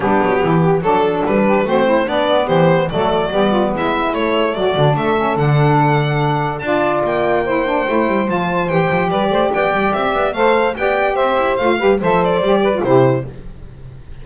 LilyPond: <<
  \new Staff \with { instrumentName = "violin" } { \time 4/4 \tempo 4 = 145 g'2 a'4 b'4 | c''4 d''4 c''4 d''4~ | d''4 e''4 cis''4 d''4 | e''4 fis''2. |
a''4 g''2. | a''4 g''4 d''4 g''4 | e''4 f''4 g''4 e''4 | f''4 e''8 d''4. c''4 | }
  \new Staff \with { instrumentName = "saxophone" } { \time 4/4 d'4 e'8 g'8 a'4. g'8 | fis'8 e'8 d'4 g'4 a'4 | g'8 f'8 e'2 fis'4 | a'1 |
d''2 c''2~ | c''2 b'8 c''8 d''4~ | d''4 c''4 d''4 c''4~ | c''8 b'8 c''4. b'8 g'4 | }
  \new Staff \with { instrumentName = "saxophone" } { \time 4/4 b2 d'2 | c'4 b2 a4 | b2 a4. d'8~ | d'8 cis'8 d'2. |
f'2 e'8 d'8 e'4 | f'4 g'2.~ | g'4 a'4 g'2 | f'8 g'8 a'4 g'8. f'16 e'4 | }
  \new Staff \with { instrumentName = "double bass" } { \time 4/4 g8 fis8 e4 fis4 g4 | a4 b4 e4 fis4 | g4 gis4 a4 fis8 d8 | a4 d2. |
d'4 ais2 a8 g8 | f4 e8 f8 g8 a8 b8 g8 | c'8 b8 a4 b4 c'8 e'8 | a8 g8 f4 g4 c4 | }
>>